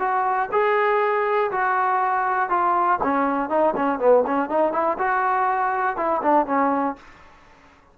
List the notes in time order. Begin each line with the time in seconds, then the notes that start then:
0.00 F#4
0.52 G#4
1.52 F#4
2.50 F4
3.04 C#4
3.50 D#4
3.76 C#4
3.99 B3
4.27 C#4
4.50 D#4
4.73 E4
4.99 F#4
5.97 E4
6.23 D4
6.47 C#4